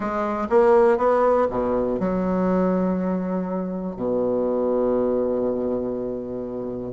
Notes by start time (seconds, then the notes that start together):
0.00 G#3
0.49 A#3
0.97 B3
1.50 B2
1.99 F#3
3.96 B2